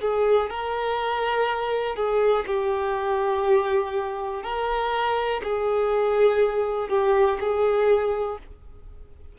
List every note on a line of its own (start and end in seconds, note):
0.00 0.49 G#4
0.49 1.95 A#4
1.95 2.45 G#4
2.46 4.43 G4
4.43 5.41 A#4
5.43 6.89 G#4
6.89 7.38 G4
7.39 8.38 G#4